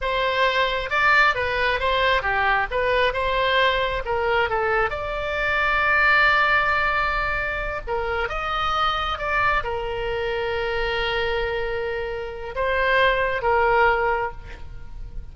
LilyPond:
\new Staff \with { instrumentName = "oboe" } { \time 4/4 \tempo 4 = 134 c''2 d''4 b'4 | c''4 g'4 b'4 c''4~ | c''4 ais'4 a'4 d''4~ | d''1~ |
d''4. ais'4 dis''4.~ | dis''8 d''4 ais'2~ ais'8~ | ais'1 | c''2 ais'2 | }